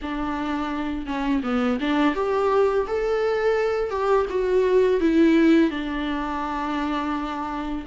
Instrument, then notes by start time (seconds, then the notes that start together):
viola
0.02 D4
1.06 C#4
1.43 B3
1.80 D4
2.14 G4
2.87 A4
3.90 G4
4.29 F#4
5.00 E4
5.70 D4